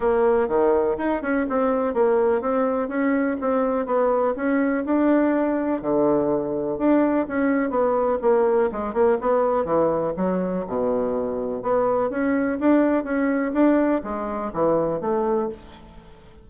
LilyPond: \new Staff \with { instrumentName = "bassoon" } { \time 4/4 \tempo 4 = 124 ais4 dis4 dis'8 cis'8 c'4 | ais4 c'4 cis'4 c'4 | b4 cis'4 d'2 | d2 d'4 cis'4 |
b4 ais4 gis8 ais8 b4 | e4 fis4 b,2 | b4 cis'4 d'4 cis'4 | d'4 gis4 e4 a4 | }